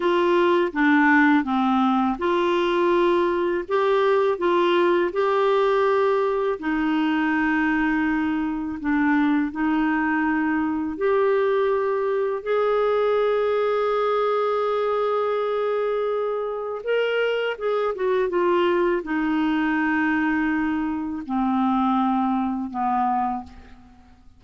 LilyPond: \new Staff \with { instrumentName = "clarinet" } { \time 4/4 \tempo 4 = 82 f'4 d'4 c'4 f'4~ | f'4 g'4 f'4 g'4~ | g'4 dis'2. | d'4 dis'2 g'4~ |
g'4 gis'2.~ | gis'2. ais'4 | gis'8 fis'8 f'4 dis'2~ | dis'4 c'2 b4 | }